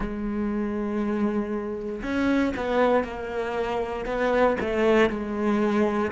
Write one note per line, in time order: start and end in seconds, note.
0.00 2.02 G#3
2.02 2.53 C#4
2.56 3.04 B3
3.04 4.05 A#3
4.05 4.56 B3
4.60 5.09 A3
5.09 6.11 G#3